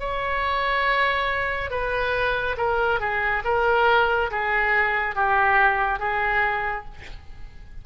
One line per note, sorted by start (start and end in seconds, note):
0.00 1.71 C#5
1.71 2.56 B4
2.58 3.00 A#4
3.00 3.43 G#4
3.45 4.31 A#4
4.31 5.16 G#4
5.16 6.00 G4
6.00 6.85 G#4